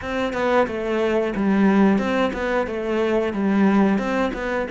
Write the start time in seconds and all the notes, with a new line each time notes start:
0.01 C4
0.33 B3
0.67 A3
1.35 G3
1.98 C4
2.33 B3
2.67 A3
3.33 G3
3.98 C4
4.33 B3